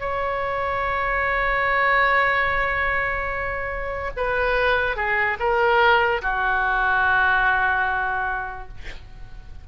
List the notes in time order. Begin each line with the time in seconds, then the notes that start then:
0.00 C#5
4.17 B4
4.97 G#4
5.39 A#4
6.22 F#4